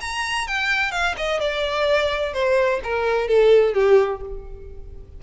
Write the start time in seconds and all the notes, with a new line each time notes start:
0.00 A#5
0.47 G5
0.91 F5
1.16 D#5
1.40 D5
2.33 C5
2.83 A#4
3.27 A4
3.74 G4